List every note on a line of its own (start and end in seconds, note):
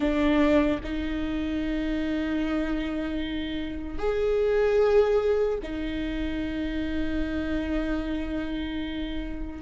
0.00 0.80 D4
0.83 3.98 D#4
3.98 5.58 G#4
5.63 9.61 D#4